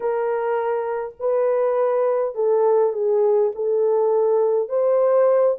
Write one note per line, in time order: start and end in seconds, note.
0.00 1.14 A#4
1.19 2.34 B4
2.34 2.93 A4
2.93 3.51 G#4
3.55 4.68 A4
4.68 5.56 C5